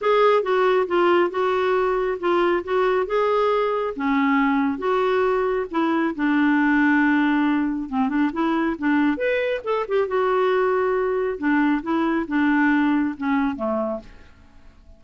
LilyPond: \new Staff \with { instrumentName = "clarinet" } { \time 4/4 \tempo 4 = 137 gis'4 fis'4 f'4 fis'4~ | fis'4 f'4 fis'4 gis'4~ | gis'4 cis'2 fis'4~ | fis'4 e'4 d'2~ |
d'2 c'8 d'8 e'4 | d'4 b'4 a'8 g'8 fis'4~ | fis'2 d'4 e'4 | d'2 cis'4 a4 | }